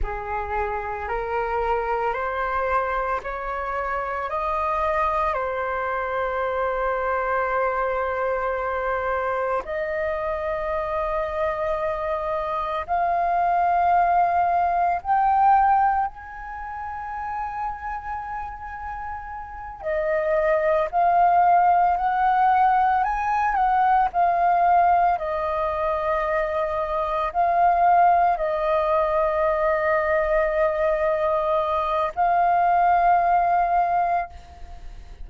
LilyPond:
\new Staff \with { instrumentName = "flute" } { \time 4/4 \tempo 4 = 56 gis'4 ais'4 c''4 cis''4 | dis''4 c''2.~ | c''4 dis''2. | f''2 g''4 gis''4~ |
gis''2~ gis''8 dis''4 f''8~ | f''8 fis''4 gis''8 fis''8 f''4 dis''8~ | dis''4. f''4 dis''4.~ | dis''2 f''2 | }